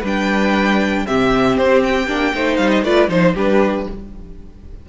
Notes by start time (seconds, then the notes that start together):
0.00 G3 D4 B4
0.07 G5
1.06 C3 C4 G4 E5
1.57 C4 C5
1.83 G5
2.07 A#3 D4
2.34 A3 D#4 C5
2.57 G3 F5
2.70 D#5
2.84 A3 F4 B4 D5
3.08 F3 D#4 C5
3.34 G3 D4 G4 B4